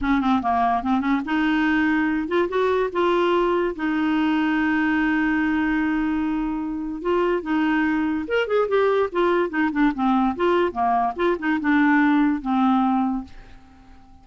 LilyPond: \new Staff \with { instrumentName = "clarinet" } { \time 4/4 \tempo 4 = 145 cis'8 c'8 ais4 c'8 cis'8 dis'4~ | dis'4. f'8 fis'4 f'4~ | f'4 dis'2.~ | dis'1~ |
dis'4 f'4 dis'2 | ais'8 gis'8 g'4 f'4 dis'8 d'8 | c'4 f'4 ais4 f'8 dis'8 | d'2 c'2 | }